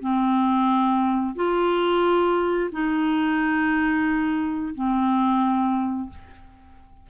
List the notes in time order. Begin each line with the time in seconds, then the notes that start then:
0.00 C4
1.35 F4
2.72 D#4
4.74 C4